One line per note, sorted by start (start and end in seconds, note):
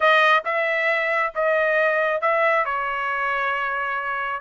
0.00 0.43 D#5
0.45 1.33 E5
1.34 2.21 D#5
2.21 2.65 E5
2.65 4.41 C#5